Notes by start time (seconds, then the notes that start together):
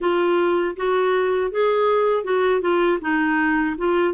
0.00 F4
0.76 F#4
1.51 G#4
2.24 F#4
2.61 F4
3.01 D#4
3.77 F4